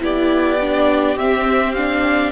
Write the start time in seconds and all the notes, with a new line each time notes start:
0.00 B3 E4 G4 D5
0.60 D4
1.16 C4 E5
1.73 D4 F5